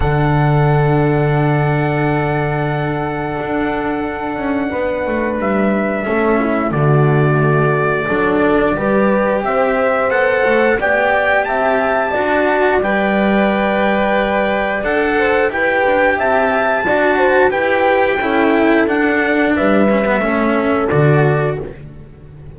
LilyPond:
<<
  \new Staff \with { instrumentName = "trumpet" } { \time 4/4 \tempo 4 = 89 fis''1~ | fis''1 | e''2 d''2~ | d''2 e''4 fis''4 |
g''4 a''2 g''4~ | g''2 fis''4 g''4 | a''2 g''2 | fis''4 e''2 d''4 | }
  \new Staff \with { instrumentName = "horn" } { \time 4/4 a'1~ | a'2. b'4~ | b'4 a'8 e'8 fis'2 | a'4 b'4 c''2 |
d''4 e''4 d''2~ | d''2~ d''8 c''8 b'4 | e''4 d''8 c''8 b'4 a'4~ | a'4 b'4 a'2 | }
  \new Staff \with { instrumentName = "cello" } { \time 4/4 d'1~ | d'1~ | d'4 cis'4 a2 | d'4 g'2 a'4 |
g'2 fis'4 b'4~ | b'2 a'4 g'4~ | g'4 fis'4 g'4 e'4 | d'4. cis'16 b16 cis'4 fis'4 | }
  \new Staff \with { instrumentName = "double bass" } { \time 4/4 d1~ | d4 d'4. cis'8 b8 a8 | g4 a4 d2 | fis4 g4 c'4 b8 a8 |
b4 c'4 d'4 g4~ | g2 d'4 e'8 d'8 | c'4 d'4 e'4 cis'4 | d'4 g4 a4 d4 | }
>>